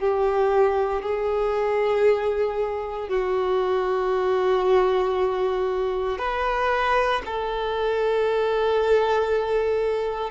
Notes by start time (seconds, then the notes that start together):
0.00 G4
1.02 G#4
3.08 F#4
6.18 B4
7.26 A4